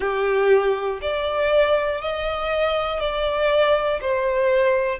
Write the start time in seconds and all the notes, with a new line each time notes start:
0.00 G4
1.01 D5
2.00 D#5
3.00 D5
4.01 C5